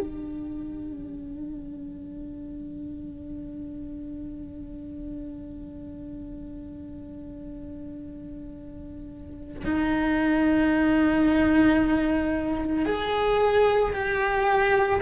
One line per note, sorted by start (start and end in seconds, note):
0.00 9.64 D4
9.65 12.86 D#4
12.86 13.93 G#4
13.93 15.00 G4